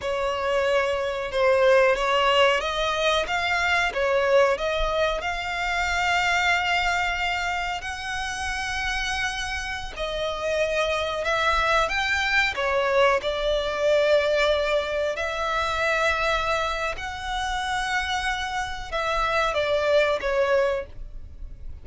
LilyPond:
\new Staff \with { instrumentName = "violin" } { \time 4/4 \tempo 4 = 92 cis''2 c''4 cis''4 | dis''4 f''4 cis''4 dis''4 | f''1 | fis''2.~ fis''16 dis''8.~ |
dis''4~ dis''16 e''4 g''4 cis''8.~ | cis''16 d''2. e''8.~ | e''2 fis''2~ | fis''4 e''4 d''4 cis''4 | }